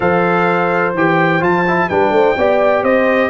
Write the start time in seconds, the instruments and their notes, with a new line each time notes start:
0.00 tuba F3, trombone A4, horn C5, trumpet F5
0.94 tuba E3, trombone G4, trumpet G5
1.40 tuba F3, trombone F4, trumpet A5
1.67 trombone E4
1.89 tuba G3, trombone D4, horn B4, trumpet G5
2.10 tuba A3, horn C5
2.36 tuba B3, trombone G4, horn D5
2.82 tuba C4, horn C5, trumpet D#5